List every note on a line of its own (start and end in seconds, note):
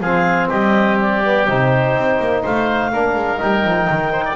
0.00 0.48 F3
0.00 1.24 C4
0.00 0.49 G#4
0.00 0.50 F5
0.49 1.48 G3
0.49 2.42 G4
0.49 0.98 D#5
1.00 1.47 D5
1.24 1.48 B3
1.47 1.95 C3
1.47 2.93 D#4
1.47 2.44 C5
1.95 2.19 C4
2.20 2.44 A#3
2.43 2.93 A3
2.43 2.91 C5
2.43 3.42 F5
2.93 3.15 A#3
2.93 3.38 D4
2.93 4.12 A#4
3.15 3.39 G#3
3.38 3.64 G3
3.38 4.35 D#4
3.38 4.36 G5
3.64 3.89 F3
3.90 4.36 D#3
4.12 4.24 C5
4.25 4.36 D5